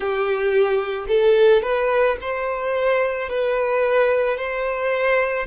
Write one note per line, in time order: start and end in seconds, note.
0.00 1.06 G4
1.08 1.62 A4
1.62 2.16 B4
2.21 3.29 C5
3.29 4.37 B4
4.37 5.46 C5